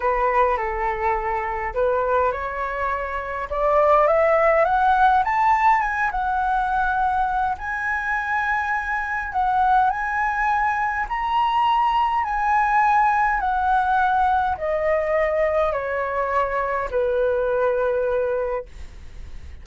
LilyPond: \new Staff \with { instrumentName = "flute" } { \time 4/4 \tempo 4 = 103 b'4 a'2 b'4 | cis''2 d''4 e''4 | fis''4 a''4 gis''8 fis''4.~ | fis''4 gis''2. |
fis''4 gis''2 ais''4~ | ais''4 gis''2 fis''4~ | fis''4 dis''2 cis''4~ | cis''4 b'2. | }